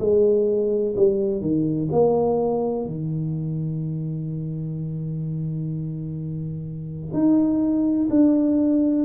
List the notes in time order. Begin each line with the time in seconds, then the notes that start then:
0.00 G#3
0.97 G3
1.41 D#3
1.92 A#3
2.86 D#3
7.14 D#4
8.10 D4